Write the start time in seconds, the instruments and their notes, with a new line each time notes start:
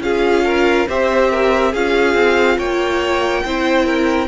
0.00 cello C#4, viola F4, violin G#4 F5
0.45 violin A#4
0.88 cello C4, viola G4, violin C5 E5
1.31 violin A#4
1.72 cello C#4, viola F4, violin G#4 F5
2.15 cello C4
2.58 cello A#3, violin C#5 G5
3.44 cello C4, viola E4, violin C5
3.86 violin A#4